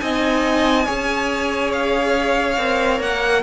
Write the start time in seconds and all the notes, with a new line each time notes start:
0.00 C4 D#4 D#5 G#5
0.85 C#4 G#4 C#5
1.72 F5
2.57 C4 A#4
3.00 A#3 F#5